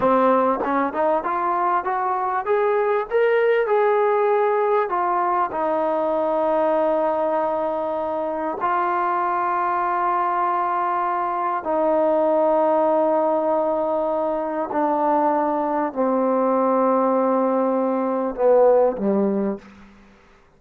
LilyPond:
\new Staff \with { instrumentName = "trombone" } { \time 4/4 \tempo 4 = 98 c'4 cis'8 dis'8 f'4 fis'4 | gis'4 ais'4 gis'2 | f'4 dis'2.~ | dis'2 f'2~ |
f'2. dis'4~ | dis'1 | d'2 c'2~ | c'2 b4 g4 | }